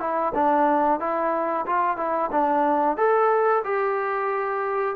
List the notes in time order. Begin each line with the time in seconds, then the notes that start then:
0.00 E4
0.35 D4
1.00 E4
1.66 F4
1.98 E4
2.32 D4
2.98 A4
3.64 G4